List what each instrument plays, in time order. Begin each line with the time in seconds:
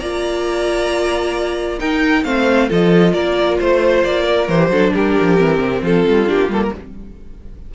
0.00 cello A#3, viola F4, violin D5 A#5
1.79 viola D#4, cello D#4, violin A#4 G5
2.24 cello A3, viola C4, violin C5 F5
2.69 cello F3, viola F4, violin A4 D#5
3.14 cello A#3, violin A#4 D5
3.59 cello A3, violin C5
4.04 cello A#3, violin D5
4.23 violin A#4
4.49 cello E3, viola G4, violin C5
4.69 cello F#3, viola D4, violin A4
4.93 cello G3, violin G4 A#4
5.21 cello F3
5.38 cello E3, viola C4
5.59 cello C3
5.82 cello F3, violin F4 A4
6.09 cello G3
6.26 cello A#3, viola D4, violin G4
6.49 cello G3, viola A#3, violin A4
6.63 violin A#4